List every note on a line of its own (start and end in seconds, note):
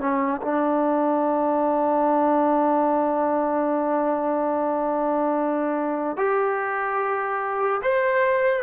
0.00 0.41 C#4
0.42 6.17 D4
6.17 7.82 G4
7.82 8.63 C5